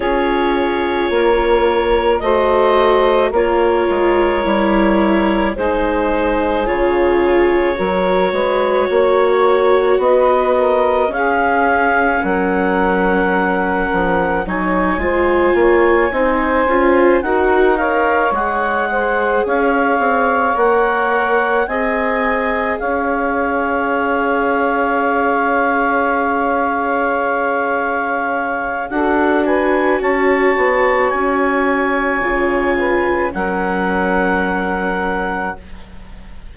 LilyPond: <<
  \new Staff \with { instrumentName = "clarinet" } { \time 4/4 \tempo 4 = 54 cis''2 dis''4 cis''4~ | cis''4 c''4 cis''2~ | cis''4 dis''4 f''4 fis''4~ | fis''4 gis''2~ gis''8 fis''8 |
f''8 fis''4 f''4 fis''4 gis''8~ | gis''8 f''2.~ f''8~ | f''2 fis''8 gis''8 a''4 | gis''2 fis''2 | }
  \new Staff \with { instrumentName = "saxophone" } { \time 4/4 gis'4 ais'4 c''4 ais'4~ | ais'4 gis'2 ais'8 b'8 | cis''4 b'8 ais'8 gis'4 ais'4~ | ais'4 cis''8 c''8 cis''8 c''4 ais'8 |
cis''4 c''8 cis''2 dis''8~ | dis''8 cis''2.~ cis''8~ | cis''2 a'8 b'8 cis''4~ | cis''4. b'8 ais'2 | }
  \new Staff \with { instrumentName = "viola" } { \time 4/4 f'2 fis'4 f'4 | e'4 dis'4 f'4 fis'4~ | fis'2 cis'2~ | cis'4 dis'8 f'4 dis'8 f'8 fis'8 |
ais'8 gis'2 ais'4 gis'8~ | gis'1~ | gis'2 fis'2~ | fis'4 f'4 cis'2 | }
  \new Staff \with { instrumentName = "bassoon" } { \time 4/4 cis'4 ais4 a4 ais8 gis8 | g4 gis4 cis4 fis8 gis8 | ais4 b4 cis'4 fis4~ | fis8 f8 fis8 gis8 ais8 c'8 cis'8 dis'8~ |
dis'8 gis4 cis'8 c'8 ais4 c'8~ | c'8 cis'2.~ cis'8~ | cis'2 d'4 cis'8 b8 | cis'4 cis4 fis2 | }
>>